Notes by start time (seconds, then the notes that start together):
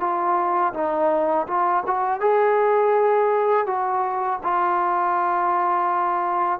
0.00 F4
0.74 D#4
1.47 F4
1.86 F#4
2.20 G#4
3.66 F#4
4.43 F4